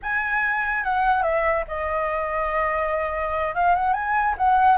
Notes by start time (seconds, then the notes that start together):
0.02 G#5
0.83 F#5
1.22 E5
1.67 D#5
3.54 F5
3.75 F#5
3.93 G#5
4.37 F#5